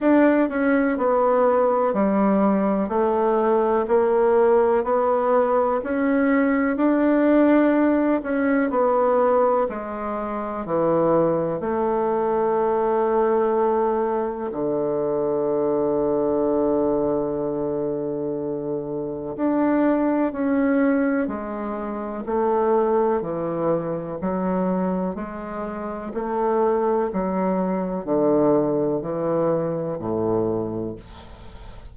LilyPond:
\new Staff \with { instrumentName = "bassoon" } { \time 4/4 \tempo 4 = 62 d'8 cis'8 b4 g4 a4 | ais4 b4 cis'4 d'4~ | d'8 cis'8 b4 gis4 e4 | a2. d4~ |
d1 | d'4 cis'4 gis4 a4 | e4 fis4 gis4 a4 | fis4 d4 e4 a,4 | }